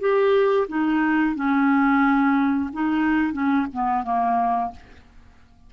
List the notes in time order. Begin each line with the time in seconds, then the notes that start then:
0.00 G4
0.68 D#4
1.35 C#4
2.73 D#4
3.33 C#4
3.73 B3
4.04 A#3